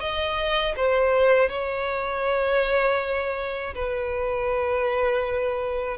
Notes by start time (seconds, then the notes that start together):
0.00 D#5
0.76 C5
1.49 C#5
3.75 B4